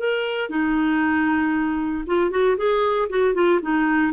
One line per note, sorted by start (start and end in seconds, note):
0.00 0.50 A#4
0.50 2.05 D#4
2.07 2.31 F4
2.31 2.57 F#4
2.57 3.09 G#4
3.10 3.35 F#4
3.35 3.61 F4
3.62 4.13 D#4